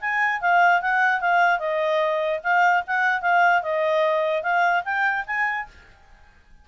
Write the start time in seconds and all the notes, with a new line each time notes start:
0.00 G#5
0.40 F5
0.81 F#5
1.20 F5
1.59 D#5
2.43 F5
2.87 F#5
3.21 F5
3.62 D#5
4.42 F5
4.84 G5
5.26 G#5